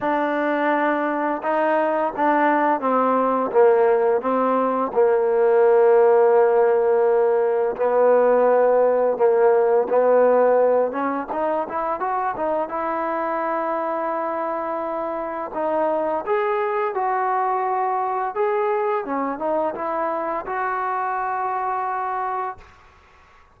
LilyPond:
\new Staff \with { instrumentName = "trombone" } { \time 4/4 \tempo 4 = 85 d'2 dis'4 d'4 | c'4 ais4 c'4 ais4~ | ais2. b4~ | b4 ais4 b4. cis'8 |
dis'8 e'8 fis'8 dis'8 e'2~ | e'2 dis'4 gis'4 | fis'2 gis'4 cis'8 dis'8 | e'4 fis'2. | }